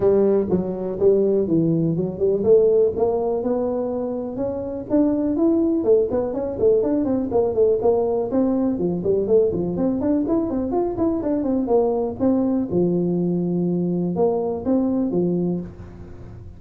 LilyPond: \new Staff \with { instrumentName = "tuba" } { \time 4/4 \tempo 4 = 123 g4 fis4 g4 e4 | fis8 g8 a4 ais4 b4~ | b4 cis'4 d'4 e'4 | a8 b8 cis'8 a8 d'8 c'8 ais8 a8 |
ais4 c'4 f8 g8 a8 f8 | c'8 d'8 e'8 c'8 f'8 e'8 d'8 c'8 | ais4 c'4 f2~ | f4 ais4 c'4 f4 | }